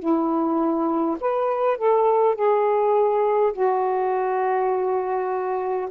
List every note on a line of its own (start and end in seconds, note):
0.00 1.18 E4
1.21 1.78 B4
1.78 2.36 A4
2.36 3.53 G#4
3.53 5.89 F#4